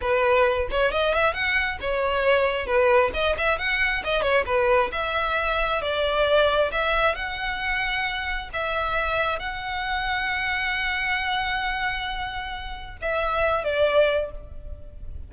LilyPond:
\new Staff \with { instrumentName = "violin" } { \time 4/4 \tempo 4 = 134 b'4. cis''8 dis''8 e''8 fis''4 | cis''2 b'4 dis''8 e''8 | fis''4 dis''8 cis''8 b'4 e''4~ | e''4 d''2 e''4 |
fis''2. e''4~ | e''4 fis''2.~ | fis''1~ | fis''4 e''4. d''4. | }